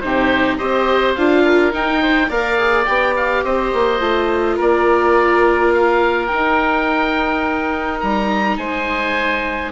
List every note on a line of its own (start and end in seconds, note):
0.00 0.60 C3
0.00 0.59 D#4
0.00 0.57 G4
0.00 0.57 C5
0.57 1.17 C4
0.57 1.16 G4
0.57 1.43 C5
0.57 1.15 D#5
1.15 1.74 D4
1.15 1.71 F4
1.15 1.72 F5
1.44 2.01 A#4
1.71 2.29 D#4
1.71 2.31 G5
2.02 2.28 C5
2.28 2.87 A#3
2.28 2.57 A#4
2.28 3.42 D5
2.28 2.85 F5
2.57 2.86 G#4
2.85 3.44 B3
2.85 3.99 G4
2.85 3.14 G5
3.16 3.44 F5
3.44 3.72 C4
3.44 4.56 C5
3.44 4.58 D#5
3.73 4.00 A#3
3.99 4.57 A3
3.99 6.28 F4
4.56 6.31 A#3
4.56 8.56 A#4
4.56 5.74 D5
5.74 6.27 F5
6.27 9.72 D#4
6.27 8.03 D#4
6.27 7.98 G5
8.00 8.57 G3
8.00 8.57 A#5
8.57 9.72 G#3
8.57 9.72 C5
8.57 9.72 G#5